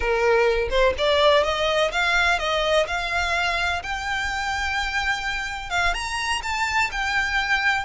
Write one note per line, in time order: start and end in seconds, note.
0.00 0.68 A#4
0.69 0.93 C5
0.97 1.43 D5
1.43 1.91 D#5
1.91 2.38 F5
2.38 2.86 D#5
2.87 3.82 F5
3.82 5.70 G5
5.70 5.94 F5
5.94 6.41 A#5
6.42 6.90 A5
6.91 7.85 G5